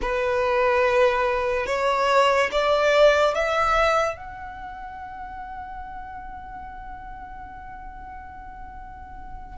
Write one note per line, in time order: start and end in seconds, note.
0.01 1.66 B4
1.66 2.50 C#5
2.51 3.34 D5
3.34 4.17 E5
4.17 9.57 F#5